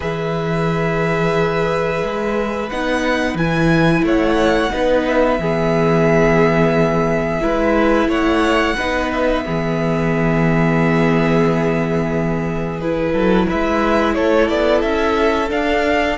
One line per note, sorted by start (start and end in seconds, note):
0.00 2.02 E3
0.00 2.67 G#4
0.00 4.04 B4
0.00 2.69 E5
2.02 2.70 G#3
2.69 3.34 B3
2.69 3.38 D#4
2.69 3.37 F#5
3.34 4.01 E3
3.34 4.70 E4
3.34 4.04 G#5
4.02 4.69 A3
4.02 4.72 C#5
4.02 5.07 F#5
4.70 5.38 B3
4.70 5.37 D#4
4.70 5.40 B4
5.07 8.10 E5
5.38 7.41 E3
5.38 7.40 B3
5.38 7.42 G#4
7.40 8.07 G#3
7.40 8.75 E4
7.40 8.08 B4
8.07 8.74 A3
8.07 8.76 C#5
8.07 9.11 F#5
8.76 9.46 B3
8.76 9.44 D#4
8.76 9.44 B4
9.12 12.80 E5
9.44 13.13 E3
9.44 12.81 B3
9.44 13.12 G#4
12.80 15.48 E4
12.80 13.47 B4
13.12 13.47 F#3
13.12 13.46 A4
13.47 14.16 G#3
13.47 14.14 B4
13.47 14.14 E5
14.14 14.49 A3
14.14 16.17 A4
14.14 14.48 C#5
14.48 14.83 B3
14.48 14.81 D5
14.81 15.50 C#4
14.81 15.49 E5
15.48 16.16 D4
15.48 16.18 D4
15.48 16.18 F5